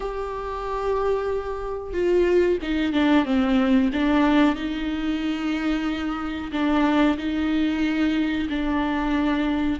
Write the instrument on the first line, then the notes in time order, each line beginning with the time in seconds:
viola
0.00 G4
1.93 F4
2.61 D#4
2.92 D4
3.25 C4
3.92 D4
4.55 D#4
6.52 D4
7.17 D#4
8.49 D4